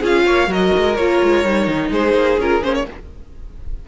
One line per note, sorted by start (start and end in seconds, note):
0.00 0.27 C#4
0.00 0.47 F4
0.00 0.24 G#4
0.00 0.53 F5
0.26 0.48 A#3
0.26 0.50 C#5
0.47 0.71 F#3
0.47 0.94 F#4
0.47 1.91 A#4
0.47 0.96 D#5
0.77 0.99 G#3
0.96 1.22 A#3
0.96 1.45 F4
0.96 1.90 C#5
1.23 1.44 G#3
1.44 1.67 G3
1.44 2.40 D#4
1.67 1.91 D#3
1.91 2.14 G#3
1.91 2.86 G#4
1.91 2.40 C5
2.14 2.37 A#3
2.38 2.62 C#4
2.38 2.62 F4
2.38 2.64 A#4
2.62 2.88 A#3
2.62 2.86 C#4
2.62 2.75 C5
2.75 2.87 C#5